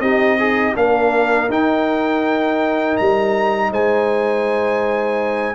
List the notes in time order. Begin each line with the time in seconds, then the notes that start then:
0.00 C4 D#4 G4 D#5
0.39 D#4 G#4
0.75 A#3 D4 A#4 F5
1.49 D#4 G5
2.97 G3 A#5
3.71 G#3 C5 G#5